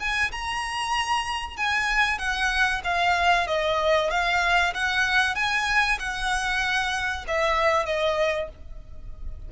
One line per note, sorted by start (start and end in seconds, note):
0.00 0.32 G#5
0.32 1.57 A#5
1.57 2.18 G#5
2.18 2.82 F#5
2.84 3.47 F5
3.48 4.11 D#5
4.11 4.74 F5
4.74 5.36 F#5
5.36 5.99 G#5
5.99 7.26 F#5
7.28 7.86 E5
7.86 8.49 D#5